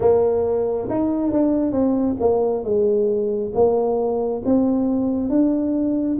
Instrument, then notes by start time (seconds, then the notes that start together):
tuba
0.00 A#3
0.89 D#4
1.32 D4
1.72 C4
2.20 A#3
2.64 G#3
3.54 A#3
4.45 C4
5.29 D4